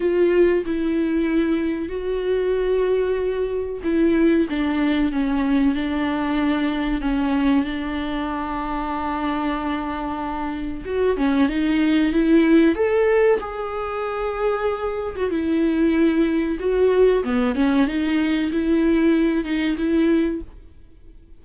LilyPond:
\new Staff \with { instrumentName = "viola" } { \time 4/4 \tempo 4 = 94 f'4 e'2 fis'4~ | fis'2 e'4 d'4 | cis'4 d'2 cis'4 | d'1~ |
d'4 fis'8 cis'8 dis'4 e'4 | a'4 gis'2~ gis'8. fis'16 | e'2 fis'4 b8 cis'8 | dis'4 e'4. dis'8 e'4 | }